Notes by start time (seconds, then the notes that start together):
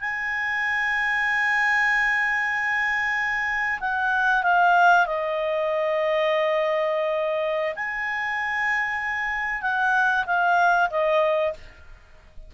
0.00 G#5
3.80 F#5
4.43 F5
5.06 D#5
7.75 G#5
9.61 F#5
10.26 F5
10.90 D#5